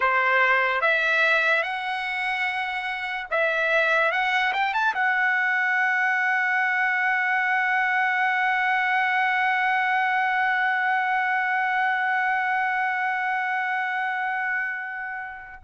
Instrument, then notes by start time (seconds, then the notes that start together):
trumpet
0.00 C5
0.81 E5
1.62 F#5
3.31 E5
4.11 F#5
4.53 G5
4.73 A5
4.94 F#5